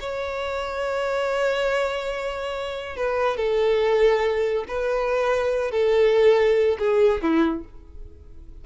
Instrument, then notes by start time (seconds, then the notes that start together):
violin
0.00 C#5
2.97 B4
3.37 A4
4.68 B4
5.72 A4
6.79 G#4
7.22 E4